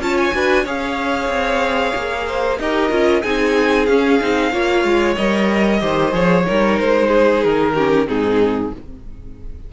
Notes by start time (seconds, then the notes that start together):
0.00 C#4 F4 C#5 A5
0.18 G#5
0.33 D4 F#4 B4
0.64 C#4 G#4 C#5 F5
1.28 C4
1.95 A#3
2.27 C5
2.59 D#4 G4 A#4 D#5
2.91 C#4 F4
3.22 C4 D#4 G#4 G#5
3.86 C#4 F5
4.20 C4 D#4
4.51 A#3 F4 C#5
4.84 G#3
5.16 G3 A#4 D#5
5.81 D#3 G4 C5
6.12 F3 G#4 C#5
6.47 G3 D#4 A#4
6.79 G#3 C5
7.08 G#4
7.43 D#3 A#4
7.75 C#4 G4
8.07 G#2 C4 D#4 G#4